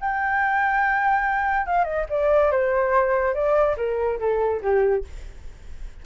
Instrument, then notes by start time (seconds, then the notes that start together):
flute
0.00 G5
1.66 F5
1.84 D#5
2.09 D5
2.51 C5
3.34 D5
3.77 A#4
4.19 A4
4.62 G4